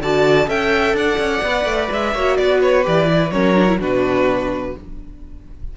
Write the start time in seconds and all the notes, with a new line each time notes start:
0.00 D3 F#4 D5 A5
0.46 C#4 A4 E5 G5
0.94 D4 D5 F#5
1.19 C#4
1.43 B3 B4
1.65 A3
1.91 G#3 E5
2.14 A#3 F#4 C#5
2.37 B3 B4 D5
2.62 C#5
2.83 E3 G4 D5
3.06 E4
3.31 F#3 C#4 A#4 C#5
3.56 D4
3.68 E4
3.79 B2 D4 F#4 B4